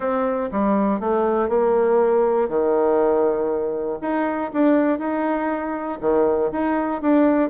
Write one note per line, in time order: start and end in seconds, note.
0.00 0.50 C4
0.51 1.00 G3
1.00 1.48 A3
1.48 2.48 A#3
2.48 3.98 D#3
4.01 4.51 D#4
4.53 4.98 D4
4.98 5.98 D#4
6.00 6.50 D#3
6.52 7.01 D#4
7.01 7.50 D4